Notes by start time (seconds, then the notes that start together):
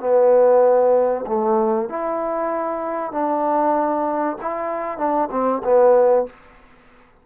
0.00 B3
1.27 A3
1.89 E4
3.12 D4
4.41 E4
4.98 D4
5.31 C4
5.64 B3